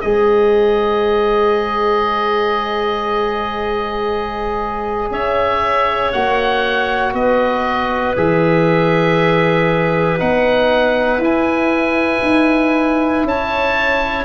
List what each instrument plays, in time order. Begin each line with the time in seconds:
0.00 tuba G#3, trombone G#4, clarinet C5, oboe D#5
5.10 tuba C#4, clarinet C#5, oboe E5
6.11 tuba A#3, trombone F#4, oboe F#5
7.13 tuba B3, clarinet B4, oboe D#5
8.16 tuba E3, trombone G#4, oboe E5
10.18 tuba B3, trombone D#4, oboe F#5
11.18 tuba E4, trombone E4, oboe G#5
12.22 tuba D#4
13.23 tuba C#4, clarinet C#5, oboe A5